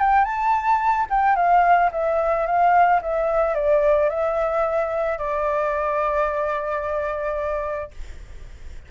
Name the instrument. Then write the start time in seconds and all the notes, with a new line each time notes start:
flute
0.00 G5
0.25 A5
1.10 G5
1.36 F5
1.92 E5
2.46 F5
3.02 E5
3.55 D5
4.10 E5
5.18 D5